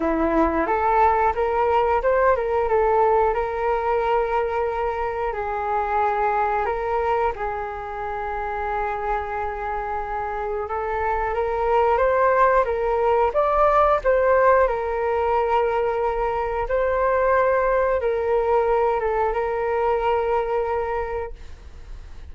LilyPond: \new Staff \with { instrumentName = "flute" } { \time 4/4 \tempo 4 = 90 e'4 a'4 ais'4 c''8 ais'8 | a'4 ais'2. | gis'2 ais'4 gis'4~ | gis'1 |
a'4 ais'4 c''4 ais'4 | d''4 c''4 ais'2~ | ais'4 c''2 ais'4~ | ais'8 a'8 ais'2. | }